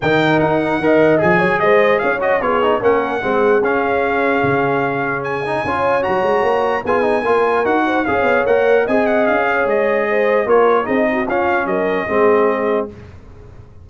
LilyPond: <<
  \new Staff \with { instrumentName = "trumpet" } { \time 4/4 \tempo 4 = 149 g''4 fis''2 gis''4 | dis''4 f''8 dis''8 cis''4 fis''4~ | fis''4 f''2.~ | f''4 gis''2 ais''4~ |
ais''4 gis''2 fis''4 | f''4 fis''4 gis''8 fis''8 f''4 | dis''2 cis''4 dis''4 | f''4 dis''2. | }
  \new Staff \with { instrumentName = "horn" } { \time 4/4 ais'2 dis''4. cis''8 | c''4 cis''4 gis'4 ais'4 | gis'1~ | gis'2 cis''2~ |
cis''4 gis'4 ais'4. c''8 | cis''2 dis''4. cis''8~ | cis''4 c''4 ais'4 gis'8 fis'8 | f'4 ais'4 gis'2 | }
  \new Staff \with { instrumentName = "trombone" } { \time 4/4 dis'2 ais'4 gis'4~ | gis'4. fis'8 f'8 dis'8 cis'4 | c'4 cis'2.~ | cis'4. dis'8 f'4 fis'4~ |
fis'4 f'8 dis'8 f'4 fis'4 | gis'4 ais'4 gis'2~ | gis'2 f'4 dis'4 | cis'2 c'2 | }
  \new Staff \with { instrumentName = "tuba" } { \time 4/4 dis4 dis'4 dis4 f8 fis8 | gis4 cis'4 b4 ais4 | gis4 cis'2 cis4~ | cis2 cis'4 fis8 gis8 |
ais4 b4 ais4 dis'4 | cis'8 b8 ais4 c'4 cis'4 | gis2 ais4 c'4 | cis'4 fis4 gis2 | }
>>